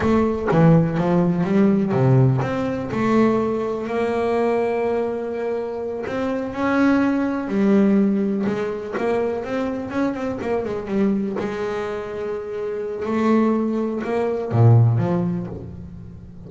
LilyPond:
\new Staff \with { instrumentName = "double bass" } { \time 4/4 \tempo 4 = 124 a4 e4 f4 g4 | c4 c'4 a2 | ais1~ | ais8 c'4 cis'2 g8~ |
g4. gis4 ais4 c'8~ | c'8 cis'8 c'8 ais8 gis8 g4 gis8~ | gis2. a4~ | a4 ais4 ais,4 f4 | }